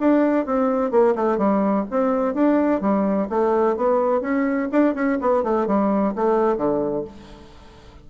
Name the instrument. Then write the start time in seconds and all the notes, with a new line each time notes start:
bassoon
0.00 D4
0.46 C4
0.91 A#3
1.16 A3
1.38 G3
1.91 C4
2.35 D4
2.81 G3
3.30 A3
3.77 B3
4.22 C#4
4.72 D4
4.95 C#4
5.22 B3
5.44 A3
5.67 G3
6.16 A3
6.58 D3